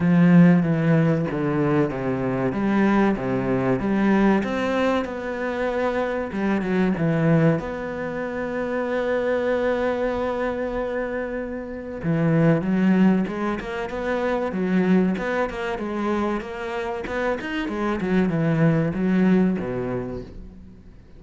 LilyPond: \new Staff \with { instrumentName = "cello" } { \time 4/4 \tempo 4 = 95 f4 e4 d4 c4 | g4 c4 g4 c'4 | b2 g8 fis8 e4 | b1~ |
b2. e4 | fis4 gis8 ais8 b4 fis4 | b8 ais8 gis4 ais4 b8 dis'8 | gis8 fis8 e4 fis4 b,4 | }